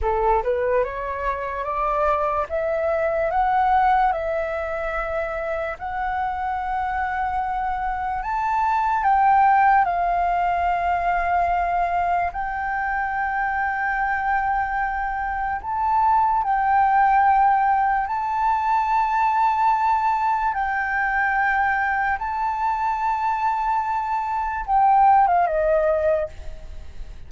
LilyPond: \new Staff \with { instrumentName = "flute" } { \time 4/4 \tempo 4 = 73 a'8 b'8 cis''4 d''4 e''4 | fis''4 e''2 fis''4~ | fis''2 a''4 g''4 | f''2. g''4~ |
g''2. a''4 | g''2 a''2~ | a''4 g''2 a''4~ | a''2 g''8. f''16 dis''4 | }